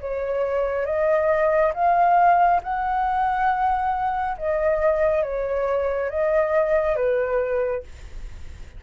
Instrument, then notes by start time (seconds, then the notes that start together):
flute
0.00 C#5
0.85 D#5
1.74 F5
2.63 F#5
4.37 D#5
5.23 C#5
6.09 D#5
6.96 B4